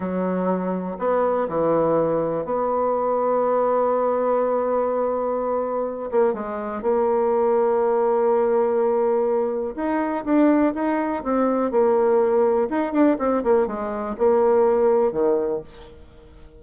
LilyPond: \new Staff \with { instrumentName = "bassoon" } { \time 4/4 \tempo 4 = 123 fis2 b4 e4~ | e4 b2.~ | b1~ | b8 ais8 gis4 ais2~ |
ais1 | dis'4 d'4 dis'4 c'4 | ais2 dis'8 d'8 c'8 ais8 | gis4 ais2 dis4 | }